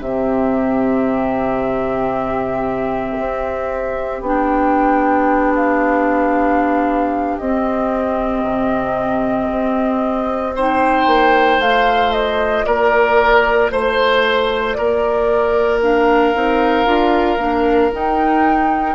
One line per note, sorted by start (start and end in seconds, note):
0.00 3.16 C3
0.00 4.25 C4
0.00 10.55 G4
0.00 4.23 E5
3.19 4.21 C4
4.21 7.37 B3
4.21 7.41 D4
4.21 5.55 G5
5.55 7.38 F5
7.38 8.43 C4
7.38 10.57 C4
7.38 10.54 D#5
8.43 9.48 C3
9.50 11.07 C4
10.55 11.62 D#4
10.55 12.66 C5
10.55 11.62 G5
11.07 11.58 A#3
11.58 12.63 A3
11.58 15.82 F4
11.58 12.12 F5
12.12 12.65 D#5
12.65 13.71 A#3
12.65 13.72 A#4
12.65 13.70 D5
13.71 14.77 A3
13.71 14.73 C5
13.71 14.77 C5
14.73 16.35 A#3
14.73 18.95 A#4
14.73 15.79 D5
15.82 16.34 D4
15.82 17.93 F5
16.34 16.86 C4
16.34 16.85 D#4
16.85 17.37 D4
16.85 17.38 F4
17.37 17.90 A#3
17.37 17.91 D4
17.93 18.95 D#4
17.93 18.95 G5